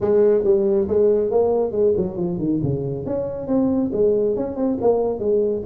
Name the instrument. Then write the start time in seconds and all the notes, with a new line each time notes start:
tuba
0.00 G#3
0.44 G3
0.88 G#3
1.30 A#3
1.71 G#3
1.96 F#3
2.16 F3
2.38 D#3
2.62 C#3
3.05 C#4
3.47 C4
3.92 G#3
4.35 C#4
4.56 C4
4.81 A#3
5.19 G#3